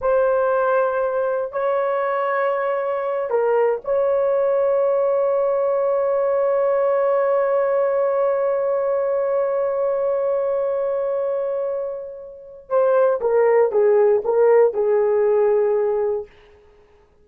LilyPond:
\new Staff \with { instrumentName = "horn" } { \time 4/4 \tempo 4 = 118 c''2. cis''4~ | cis''2~ cis''8 ais'4 cis''8~ | cis''1~ | cis''1~ |
cis''1~ | cis''1~ | cis''4 c''4 ais'4 gis'4 | ais'4 gis'2. | }